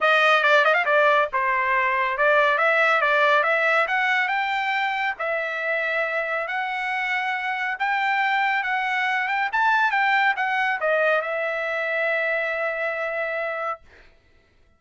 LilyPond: \new Staff \with { instrumentName = "trumpet" } { \time 4/4 \tempo 4 = 139 dis''4 d''8 dis''16 f''16 d''4 c''4~ | c''4 d''4 e''4 d''4 | e''4 fis''4 g''2 | e''2. fis''4~ |
fis''2 g''2 | fis''4. g''8 a''4 g''4 | fis''4 dis''4 e''2~ | e''1 | }